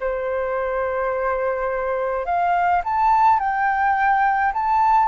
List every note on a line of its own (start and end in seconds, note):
0.00 2.25 C5
2.25 2.81 F5
2.84 3.39 A5
3.39 4.52 G5
4.53 5.08 A5